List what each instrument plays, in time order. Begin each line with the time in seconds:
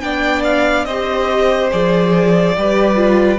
0.00 cello B3, viola D4, violin D5 G5
0.43 violin F5
0.85 cello C4, viola G4, violin C5 D#5
1.70 cello F3, viola G#4, violin D5
2.56 cello G3, viola G4, violin B4
2.96 viola F4